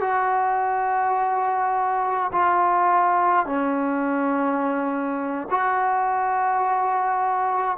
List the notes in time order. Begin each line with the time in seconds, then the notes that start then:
0.00 F#4
2.32 F4
3.46 C#4
5.50 F#4